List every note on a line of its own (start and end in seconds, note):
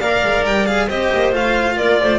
0.00 0.22 A#3
0.00 0.66 A#4
0.00 0.89 D5
0.00 0.44 F5
0.23 0.45 G#3
0.45 0.88 G3
0.45 0.66 G5
0.66 0.88 G#4
0.66 0.89 F5
0.88 1.10 C4
0.88 1.33 G4
0.88 1.77 C5
0.88 1.34 D#5
1.13 1.34 A#3
1.33 1.78 A3
1.33 2.20 F4
1.33 1.78 F5
1.77 2.01 A#3
1.77 1.99 A#4
1.77 2.20 D5
2.01 2.20 A3
2.01 2.20 C5